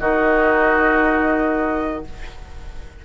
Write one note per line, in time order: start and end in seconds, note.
0.00 2.05 D#3
0.00 2.05 D#4
0.00 2.05 F#4
0.00 2.05 D#5